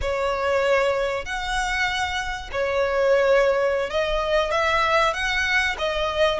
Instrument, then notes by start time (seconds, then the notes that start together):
violin
0.01 C#5
1.25 F#5
2.52 C#5
3.90 D#5
4.51 E5
5.13 F#5
5.78 D#5